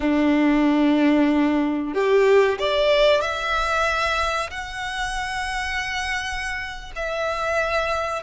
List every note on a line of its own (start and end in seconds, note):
0.00 1.94 D4
1.94 2.58 G4
2.59 3.21 D5
3.21 4.50 E5
4.50 6.92 F#5
6.95 8.22 E5